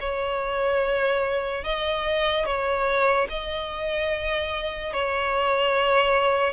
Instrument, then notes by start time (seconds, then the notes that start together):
violin
0.00 C#5
1.64 D#5
2.45 C#5
3.30 D#5
4.93 C#5